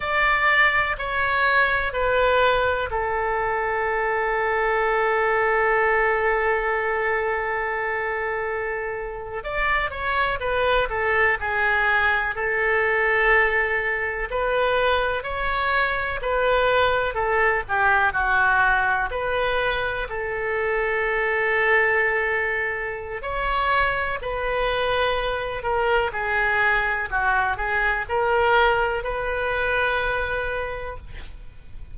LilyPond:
\new Staff \with { instrumentName = "oboe" } { \time 4/4 \tempo 4 = 62 d''4 cis''4 b'4 a'4~ | a'1~ | a'4.~ a'16 d''8 cis''8 b'8 a'8 gis'16~ | gis'8. a'2 b'4 cis''16~ |
cis''8. b'4 a'8 g'8 fis'4 b'16~ | b'8. a'2.~ a'16 | cis''4 b'4. ais'8 gis'4 | fis'8 gis'8 ais'4 b'2 | }